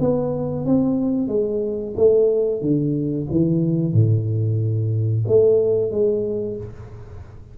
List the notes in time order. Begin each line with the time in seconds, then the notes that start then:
0.00 B3
0.66 C4
1.28 G#3
1.97 A3
2.61 D3
3.31 E3
3.94 A2
5.27 A3
5.91 G#3